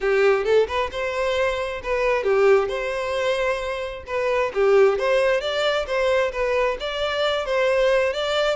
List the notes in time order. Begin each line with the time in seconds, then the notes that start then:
0.00 G4
0.44 A4
0.67 B4
0.91 C5
1.83 B4
2.23 G4
2.68 C5
4.06 B4
4.54 G4
4.98 C5
5.41 D5
5.86 C5
6.32 B4
6.80 D5
7.45 C5
8.13 D5